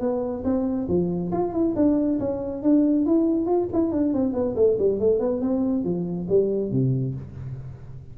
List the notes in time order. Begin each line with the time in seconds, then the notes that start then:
0.00 B3
0.44 C4
0.88 F3
1.32 F4
1.52 E4
1.76 D4
2.19 C#4
2.63 D4
3.06 E4
3.46 F4
3.73 E4
3.92 D4
4.13 C4
4.33 B3
4.56 A3
4.78 G3
4.99 A3
5.19 B3
5.41 C4
5.84 F3
6.29 G3
6.71 C3